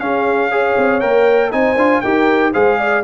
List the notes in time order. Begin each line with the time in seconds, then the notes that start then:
0.00 C#4 G#4 F5
0.51 G#4 C#5
0.78 C4
1.01 A#3 A#4 G5
1.52 C4 D#4 C5 G#5
1.76 D4 F4
2.01 D#4 G4 A#4 G5
2.53 G#3 G#4 C5 F5
2.79 D5